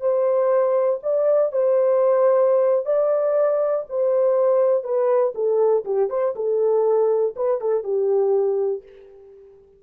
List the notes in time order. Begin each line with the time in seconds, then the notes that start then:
0.00 C5
1.03 D5
1.51 C5
2.85 D5
3.89 C5
4.83 B4
5.35 A4
5.85 G4
6.09 C5
6.35 A4
7.35 B4
7.60 A4
7.83 G4